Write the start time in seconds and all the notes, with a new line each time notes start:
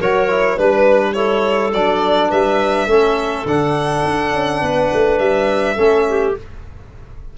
0.00 F#3 F#4 A#4 C#5
0.30 E4
0.57 G3 D4 B4
1.14 E4 A4 C#5
1.74 F#3 D4 D5
2.30 G3 B4 E5
2.87 A3 C#4 A4
3.46 D3 D4 F#5
4.05 D4
4.33 C#4
4.61 B3 B4
4.93 A3
5.19 G3 E5
5.76 A3 C#4 A4
6.09 G4